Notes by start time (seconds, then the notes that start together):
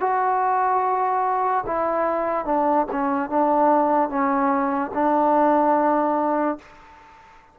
0.00 F#4
1.66 E4
2.45 D4
2.92 C#4
3.30 D4
4.09 C#4
4.94 D4